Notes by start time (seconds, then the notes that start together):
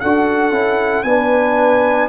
0.00 D4 F#4 A4 F#5
0.51 C#4 E4
1.03 B3 D4 B4 G#5